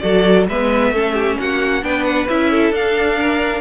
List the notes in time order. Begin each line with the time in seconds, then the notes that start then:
0.00 F#3 F#4 A4 D5
0.48 G#3 B3 B4 E5
0.91 A3 C#4 A4
1.15 G4
1.40 A#3 F#4 F#5
1.83 B3 D4 B4 G5
2.04 F#5
2.29 C#4 E4 E5
2.51 A4
2.71 D4 F5
3.18 A#4